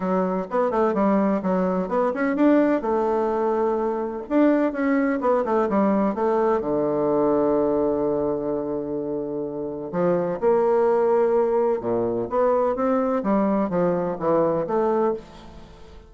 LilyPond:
\new Staff \with { instrumentName = "bassoon" } { \time 4/4 \tempo 4 = 127 fis4 b8 a8 g4 fis4 | b8 cis'8 d'4 a2~ | a4 d'4 cis'4 b8 a8 | g4 a4 d2~ |
d1~ | d4 f4 ais2~ | ais4 ais,4 b4 c'4 | g4 f4 e4 a4 | }